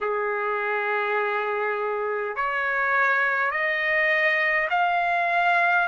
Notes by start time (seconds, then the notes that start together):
0.01 G#4
2.35 C#5
3.50 D#5
4.70 F5